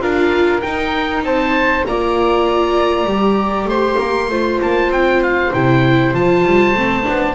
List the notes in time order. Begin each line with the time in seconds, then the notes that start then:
0.00 D4 F4 A#4 F5
0.61 D#4 G5
1.23 C4 C5 A5
1.86 A#3 F4 D5 A#5
3.05 G3 G4
3.65 A3 C5 C6
3.98 A#3 A#4
4.29 A3 F4 C5
4.61 A#3 A5
4.89 C4 G5
5.23 F5
5.53 C3 E4 G5
6.14 F3 F4 A5
6.45 G3
6.74 A3 C4
7.03 B3 D4